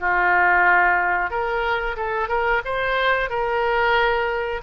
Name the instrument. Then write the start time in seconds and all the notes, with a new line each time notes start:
oboe
0.00 F4
1.30 A#4
1.97 A4
2.28 A#4
2.65 C5
3.29 A#4